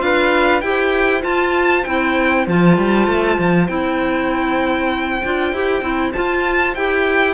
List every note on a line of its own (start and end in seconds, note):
0.00 0.62 D4
0.00 0.61 F4
0.00 0.63 B4
0.00 0.61 F5
0.61 1.23 E4
0.61 1.22 G4
0.61 7.34 C5
0.61 1.22 G5
1.22 1.83 F4
1.22 1.86 F4
1.22 1.84 A5
1.84 2.47 C4
1.84 2.47 E4
1.84 2.46 G5
2.47 2.78 F3
2.47 3.68 F4
2.47 3.68 A5
2.78 3.08 G3
3.08 3.38 A3
3.39 3.69 F3
3.68 5.22 C4
3.68 5.21 E4
3.68 6.12 G5
5.25 5.53 D4
5.25 5.55 F4
5.53 5.82 E4
5.53 5.82 G4
5.82 6.12 C4
5.82 6.13 E4
6.13 6.76 F4
6.13 6.74 A5
6.75 7.34 E4
6.75 7.34 G4
6.75 7.34 G5